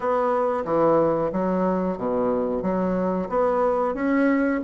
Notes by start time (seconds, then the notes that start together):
0.00 B3
0.64 E3
1.32 F#3
1.98 B2
2.62 F#3
3.29 B3
3.94 C#4